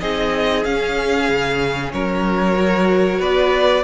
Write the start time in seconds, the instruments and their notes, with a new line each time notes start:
0.00 cello C4, viola D#4, violin G#4 D#5
0.64 viola C#4, cello C#4, violin F5
1.29 cello C#3
1.93 cello F#3, violin A#4 C#5
2.56 viola F#4
3.20 cello B3, violin B4 D5